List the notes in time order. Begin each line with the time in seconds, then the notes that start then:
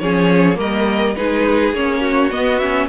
0.00 F3 C#4 G#4 C#5
0.56 G3 A#3 A#4 D#5
1.16 G#3 D#4 G#4 B4
1.74 A#3 C#4 C#5
2.01 F#4
2.31 B3 D#5
2.59 C#4 E5